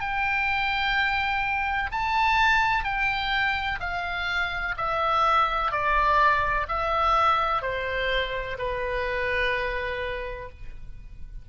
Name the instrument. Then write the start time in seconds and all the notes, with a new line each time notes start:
oboe
0.00 G5
1.91 A5
2.84 G5
3.80 F5
4.77 E5
5.71 D5
6.68 E5
7.62 C5
8.58 B4